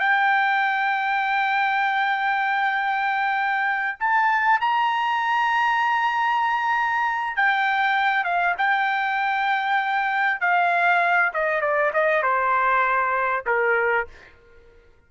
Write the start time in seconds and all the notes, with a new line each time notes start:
0.00 G5
4.00 A5
4.61 A#5
7.37 G5
8.25 F5
8.58 G5
10.41 F5
11.33 D#5
11.61 D5
11.93 D#5
12.23 C5
13.46 A#4